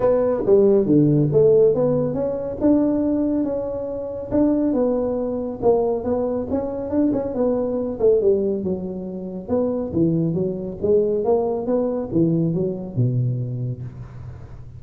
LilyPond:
\new Staff \with { instrumentName = "tuba" } { \time 4/4 \tempo 4 = 139 b4 g4 d4 a4 | b4 cis'4 d'2 | cis'2 d'4 b4~ | b4 ais4 b4 cis'4 |
d'8 cis'8 b4. a8 g4 | fis2 b4 e4 | fis4 gis4 ais4 b4 | e4 fis4 b,2 | }